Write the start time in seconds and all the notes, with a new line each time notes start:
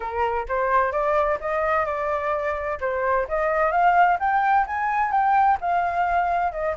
0.00 A#4
0.48 C5
0.92 D5
1.40 D#5
1.85 D5
2.80 C5
3.28 D#5
3.71 F5
4.19 G5
4.66 G#5
5.11 G5
5.60 F5
6.52 D#5